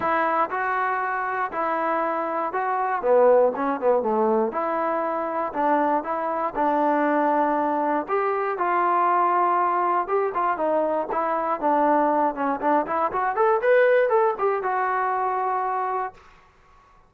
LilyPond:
\new Staff \with { instrumentName = "trombone" } { \time 4/4 \tempo 4 = 119 e'4 fis'2 e'4~ | e'4 fis'4 b4 cis'8 b8 | a4 e'2 d'4 | e'4 d'2. |
g'4 f'2. | g'8 f'8 dis'4 e'4 d'4~ | d'8 cis'8 d'8 e'8 fis'8 a'8 b'4 | a'8 g'8 fis'2. | }